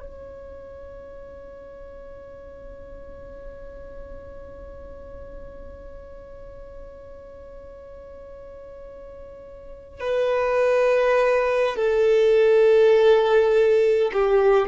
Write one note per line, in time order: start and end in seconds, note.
0.00 10.00 C#5
10.00 11.76 B4
11.76 14.11 A4
14.13 14.68 G4